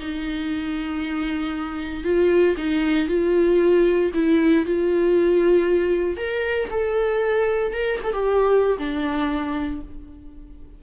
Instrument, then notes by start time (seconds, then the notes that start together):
viola
0.00 D#4
2.04 F4
2.57 D#4
3.08 F4
4.14 E4
4.66 F4
6.17 A#4
6.71 A4
7.74 A#4
8.04 A4
8.13 G4
8.78 D4